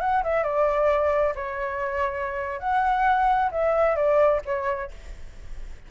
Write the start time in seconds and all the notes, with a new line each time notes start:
0.00 F#5
0.23 E5
0.43 D5
1.35 C#5
2.59 F#5
3.51 E5
3.95 D5
4.45 C#5